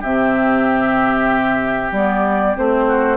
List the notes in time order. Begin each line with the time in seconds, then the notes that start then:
0.00 C3 C4 G4 E5
1.91 G3 B3 D5
2.55 A3 C4 C5
2.87 F#4